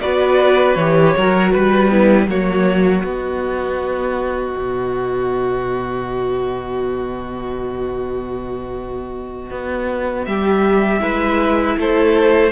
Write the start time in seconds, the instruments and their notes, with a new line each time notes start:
0.00 cello B3, viola F#4, violin B4 D5
0.74 cello E3, viola G4, violin C#5
1.16 cello F#3, viola F#4, violin A#4
1.51 cello G3, violin B4
1.88 violin B3, viola E4
2.27 cello F#3, viola A#3, violin F#4 C#5
3.03 cello B3, viola B3, violin D#5
4.57 cello B2
9.50 cello B3
10.25 cello G3, violin G4 E5
11.00 cello G#3, viola E4, violin B4
11.77 cello A3, violin A4 C5